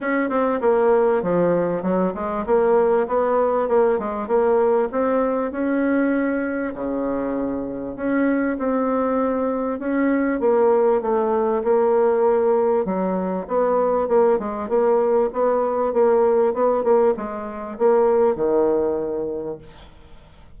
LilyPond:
\new Staff \with { instrumentName = "bassoon" } { \time 4/4 \tempo 4 = 98 cis'8 c'8 ais4 f4 fis8 gis8 | ais4 b4 ais8 gis8 ais4 | c'4 cis'2 cis4~ | cis4 cis'4 c'2 |
cis'4 ais4 a4 ais4~ | ais4 fis4 b4 ais8 gis8 | ais4 b4 ais4 b8 ais8 | gis4 ais4 dis2 | }